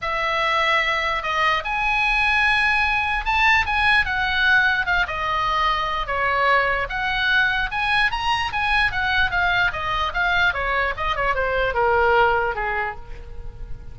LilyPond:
\new Staff \with { instrumentName = "oboe" } { \time 4/4 \tempo 4 = 148 e''2. dis''4 | gis''1 | a''4 gis''4 fis''2 | f''8 dis''2~ dis''8 cis''4~ |
cis''4 fis''2 gis''4 | ais''4 gis''4 fis''4 f''4 | dis''4 f''4 cis''4 dis''8 cis''8 | c''4 ais'2 gis'4 | }